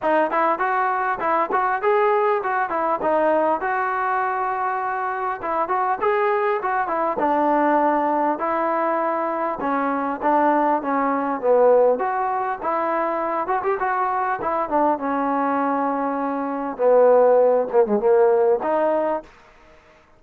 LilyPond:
\new Staff \with { instrumentName = "trombone" } { \time 4/4 \tempo 4 = 100 dis'8 e'8 fis'4 e'8 fis'8 gis'4 | fis'8 e'8 dis'4 fis'2~ | fis'4 e'8 fis'8 gis'4 fis'8 e'8 | d'2 e'2 |
cis'4 d'4 cis'4 b4 | fis'4 e'4. fis'16 g'16 fis'4 | e'8 d'8 cis'2. | b4. ais16 gis16 ais4 dis'4 | }